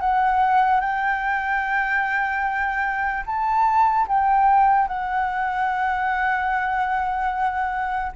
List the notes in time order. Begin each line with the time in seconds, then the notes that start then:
0.00 F#5
0.80 G5
3.26 A5
4.08 G5
4.88 F#5